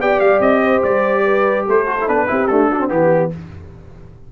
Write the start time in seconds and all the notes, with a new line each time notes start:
0.00 B3 G4 D5 G5
0.20 G3 F5
0.40 C4 D#5
0.61 C5
0.84 G3 D5
1.25 B4
1.66 A3 A4 C5
1.86 F#4
2.01 E4
2.08 B3 D4 B4
2.28 C4 E4 G4
2.47 A3 D4 A4
2.70 D4 F#4
2.80 C4
2.87 E3 B3 G4